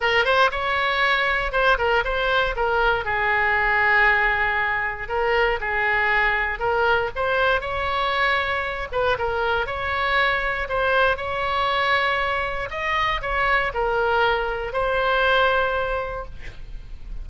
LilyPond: \new Staff \with { instrumentName = "oboe" } { \time 4/4 \tempo 4 = 118 ais'8 c''8 cis''2 c''8 ais'8 | c''4 ais'4 gis'2~ | gis'2 ais'4 gis'4~ | gis'4 ais'4 c''4 cis''4~ |
cis''4. b'8 ais'4 cis''4~ | cis''4 c''4 cis''2~ | cis''4 dis''4 cis''4 ais'4~ | ais'4 c''2. | }